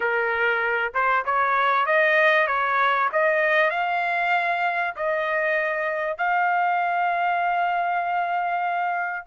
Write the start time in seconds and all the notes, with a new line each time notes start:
0.00 A#4
0.93 C5
1.25 C#5
1.86 D#5
2.47 C#5
3.12 D#5
3.70 F5
4.95 D#5
6.17 F5